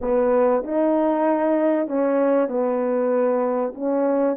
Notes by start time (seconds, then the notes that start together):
0.01 B3
0.64 D#4
1.87 C#4
2.48 B3
3.74 C#4